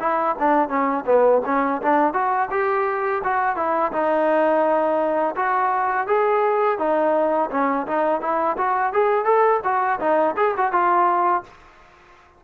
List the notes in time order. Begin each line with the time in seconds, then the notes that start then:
0.00 E4
0.39 D4
0.69 C#4
1.06 B3
1.45 C#4
1.82 D4
2.13 F#4
2.51 G4
3.24 F#4
3.56 E4
3.92 D#4
5.36 F#4
6.07 G#4
6.79 D#4
7.51 C#4
7.87 D#4
8.21 E4
8.57 F#4
8.93 G#4
9.25 A4
9.64 F#4
10.00 D#4
10.37 G#4
10.57 F#4
10.72 F4